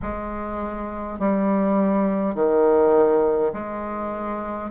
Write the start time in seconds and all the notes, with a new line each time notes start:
0.02 G#3
1.19 G3
2.34 D#3
3.53 G#3